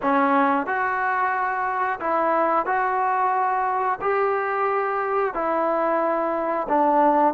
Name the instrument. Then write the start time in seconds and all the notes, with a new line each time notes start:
trombone
0.02 C#4
0.66 F#4
2.00 E4
2.65 F#4
4.01 G4
5.34 E4
6.68 D4